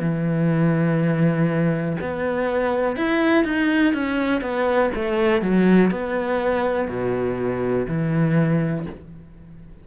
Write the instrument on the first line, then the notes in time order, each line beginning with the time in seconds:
cello
0.00 E3
2.00 B3
2.96 E4
3.44 D#4
3.93 C#4
4.41 B3
4.95 A3
5.41 F#3
5.91 B3
6.88 B2
7.87 E3